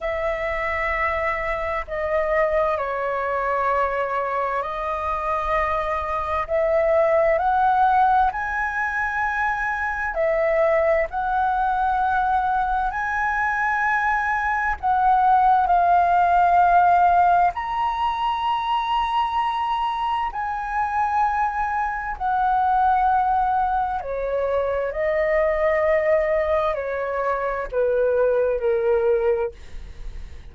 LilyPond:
\new Staff \with { instrumentName = "flute" } { \time 4/4 \tempo 4 = 65 e''2 dis''4 cis''4~ | cis''4 dis''2 e''4 | fis''4 gis''2 e''4 | fis''2 gis''2 |
fis''4 f''2 ais''4~ | ais''2 gis''2 | fis''2 cis''4 dis''4~ | dis''4 cis''4 b'4 ais'4 | }